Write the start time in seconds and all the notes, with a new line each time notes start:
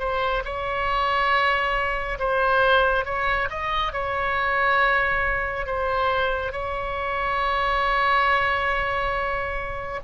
0.00 C5
0.45 C#5
2.20 C5
3.06 C#5
3.51 D#5
3.93 C#5
5.67 C5
6.53 C#5